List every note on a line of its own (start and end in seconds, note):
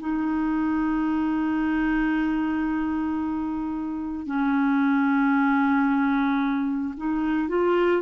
0.00 4.27 D#4
4.27 6.94 C#4
6.97 7.49 D#4
7.49 8.02 F4